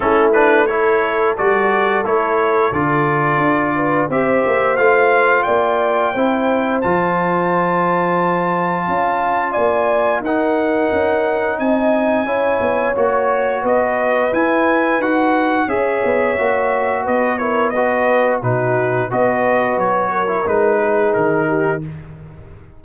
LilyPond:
<<
  \new Staff \with { instrumentName = "trumpet" } { \time 4/4 \tempo 4 = 88 a'8 b'8 cis''4 d''4 cis''4 | d''2 e''4 f''4 | g''2 a''2~ | a''2 gis''4 fis''4~ |
fis''4 gis''2 cis''4 | dis''4 gis''4 fis''4 e''4~ | e''4 dis''8 cis''8 dis''4 b'4 | dis''4 cis''4 b'4 ais'4 | }
  \new Staff \with { instrumentName = "horn" } { \time 4/4 e'4 a'2.~ | a'4. b'8 c''2 | d''4 c''2.~ | c''4 f''4 d''4 ais'4~ |
ais'4 dis''4 cis''2 | b'2. cis''4~ | cis''4 b'8 ais'8 b'4 fis'4 | b'4. ais'4 gis'4 g'8 | }
  \new Staff \with { instrumentName = "trombone" } { \time 4/4 cis'8 d'8 e'4 fis'4 e'4 | f'2 g'4 f'4~ | f'4 e'4 f'2~ | f'2. dis'4~ |
dis'2 e'4 fis'4~ | fis'4 e'4 fis'4 gis'4 | fis'4. e'8 fis'4 dis'4 | fis'4.~ fis'16 e'16 dis'2 | }
  \new Staff \with { instrumentName = "tuba" } { \time 4/4 a2 g4 a4 | d4 d'4 c'8 ais8 a4 | ais4 c'4 f2~ | f4 cis'4 ais4 dis'4 |
cis'4 c'4 cis'8 b8 ais4 | b4 e'4 dis'4 cis'8 b8 | ais4 b2 b,4 | b4 fis4 gis4 dis4 | }
>>